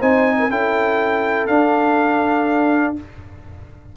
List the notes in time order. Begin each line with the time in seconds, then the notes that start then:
0.00 C4 D#4 C5 G#5
0.39 A#4
0.50 C#4 E4 A4 G5
1.47 D4 F5